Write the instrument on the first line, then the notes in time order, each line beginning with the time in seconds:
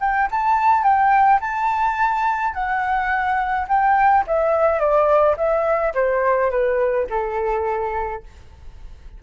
flute
0.00 G5
0.31 A5
0.83 G5
1.40 A5
2.53 F#5
3.68 G5
4.27 E5
4.79 D5
5.37 E5
5.94 C5
6.50 B4
7.09 A4